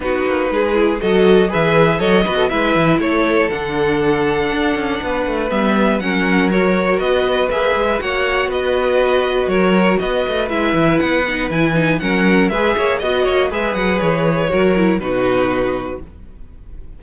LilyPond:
<<
  \new Staff \with { instrumentName = "violin" } { \time 4/4 \tempo 4 = 120 b'2 dis''4 e''4 | dis''4 e''4 cis''4 fis''4~ | fis''2. e''4 | fis''4 cis''4 dis''4 e''4 |
fis''4 dis''2 cis''4 | dis''4 e''4 fis''4 gis''4 | fis''4 e''4 dis''4 e''8 fis''8 | cis''2 b'2 | }
  \new Staff \with { instrumentName = "violin" } { \time 4/4 fis'4 gis'4 a'4 b'4 | cis''8 b'16 a'16 b'4 a'2~ | a'2 b'2 | ais'2 b'2 |
cis''4 b'2 ais'4 | b'1 | ais'4 b'8 cis''8 dis''8 cis''8 b'4~ | b'4 ais'4 fis'2 | }
  \new Staff \with { instrumentName = "viola" } { \time 4/4 dis'4. e'8 fis'4 gis'4 | a'8 fis'8 e'2 d'4~ | d'2. b4 | cis'4 fis'2 gis'4 |
fis'1~ | fis'4 e'4. dis'8 e'8 dis'8 | cis'4 gis'4 fis'4 gis'4~ | gis'4 fis'8 e'8 dis'2 | }
  \new Staff \with { instrumentName = "cello" } { \time 4/4 b8 ais8 gis4 fis4 e4 | fis8 b8 gis8 e8 a4 d4~ | d4 d'8 cis'8 b8 a8 g4 | fis2 b4 ais8 gis8 |
ais4 b2 fis4 | b8 a8 gis8 e8 b4 e4 | fis4 gis8 ais8 b8 ais8 gis8 fis8 | e4 fis4 b,2 | }
>>